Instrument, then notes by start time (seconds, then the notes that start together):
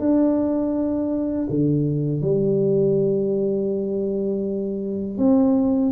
tuba
0.00 D4
1.50 D3
2.22 G3
5.18 C4